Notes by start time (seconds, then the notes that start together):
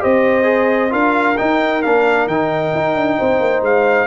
0.00 C4 G4 C5 D#5
0.44 G#4
0.90 D4 F4 A#4 F5
1.38 D#4 G5
1.83 A#3 D4 F5
2.27 D#3 D#4 G5
2.75 D#4
2.96 D4
3.19 C4 C5
3.40 A#3
3.62 G#3 F5